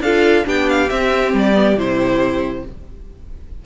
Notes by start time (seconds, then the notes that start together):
0.00 D4 F4 A4 F5
0.44 B3 D4 G4 G5
0.69 F5
0.89 C4 E5
1.33 G3 D5
1.54 B3
1.75 C3 E4 C5